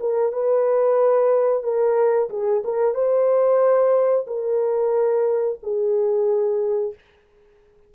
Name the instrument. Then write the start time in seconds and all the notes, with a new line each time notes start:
horn
0.00 A#4
0.33 B4
1.63 A#4
2.30 G#4
2.65 A#4
2.94 C5
4.27 A#4
5.63 G#4